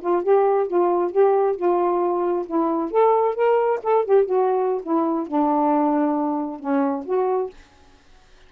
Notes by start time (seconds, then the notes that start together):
0.00 F4
0.23 G4
0.67 F4
1.11 G4
1.56 F4
2.46 E4
2.90 A4
3.35 A#4
3.82 A4
4.04 G4
4.25 F#4
4.82 E4
5.27 D4
6.59 C#4
7.05 F#4